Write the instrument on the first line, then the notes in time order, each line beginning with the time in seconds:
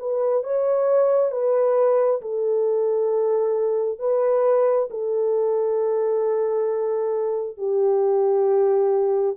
horn
0.00 B4
0.44 C#5
1.32 B4
2.21 A4
3.99 B4
4.91 A4
7.58 G4